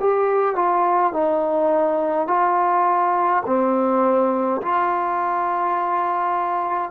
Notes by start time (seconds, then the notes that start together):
0.00 G4
0.56 F4
1.14 D#4
2.28 F4
3.46 C4
4.63 F4